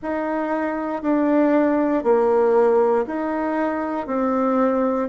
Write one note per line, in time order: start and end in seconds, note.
0.02 1.02 D#4
1.02 2.03 D4
2.03 3.05 A#3
3.06 4.07 D#4
4.07 5.08 C4